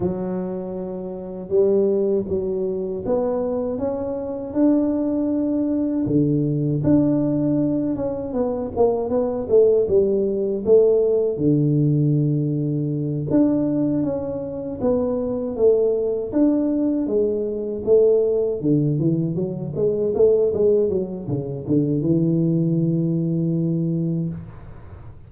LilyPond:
\new Staff \with { instrumentName = "tuba" } { \time 4/4 \tempo 4 = 79 fis2 g4 fis4 | b4 cis'4 d'2 | d4 d'4. cis'8 b8 ais8 | b8 a8 g4 a4 d4~ |
d4. d'4 cis'4 b8~ | b8 a4 d'4 gis4 a8~ | a8 d8 e8 fis8 gis8 a8 gis8 fis8 | cis8 d8 e2. | }